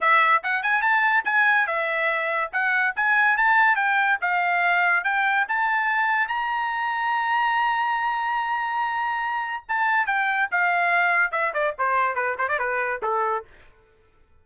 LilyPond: \new Staff \with { instrumentName = "trumpet" } { \time 4/4 \tempo 4 = 143 e''4 fis''8 gis''8 a''4 gis''4 | e''2 fis''4 gis''4 | a''4 g''4 f''2 | g''4 a''2 ais''4~ |
ais''1~ | ais''2. a''4 | g''4 f''2 e''8 d''8 | c''4 b'8 c''16 d''16 b'4 a'4 | }